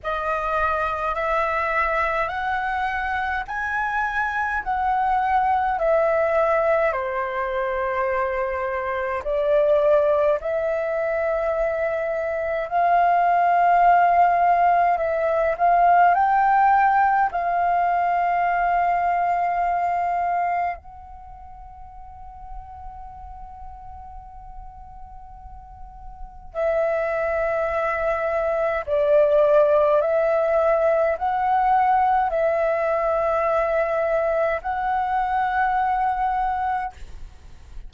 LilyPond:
\new Staff \with { instrumentName = "flute" } { \time 4/4 \tempo 4 = 52 dis''4 e''4 fis''4 gis''4 | fis''4 e''4 c''2 | d''4 e''2 f''4~ | f''4 e''8 f''8 g''4 f''4~ |
f''2 fis''2~ | fis''2. e''4~ | e''4 d''4 e''4 fis''4 | e''2 fis''2 | }